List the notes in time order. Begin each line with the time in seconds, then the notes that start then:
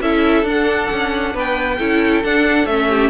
0.00 C#4 E4 A4 E5
0.43 D4 F#5
0.91 C#4
1.33 B3 B4 G5
1.78 C#4 E4 A4
2.23 D4 F#5
2.66 A3 C#4 E5
2.89 G4